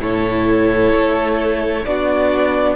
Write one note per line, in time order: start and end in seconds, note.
0.00 0.93 A2
0.00 1.85 E4
0.00 1.87 A4
0.00 1.85 C#5
0.93 1.85 A3
1.85 2.76 B3
1.85 2.76 D4
1.85 2.76 F#4
1.85 2.76 D5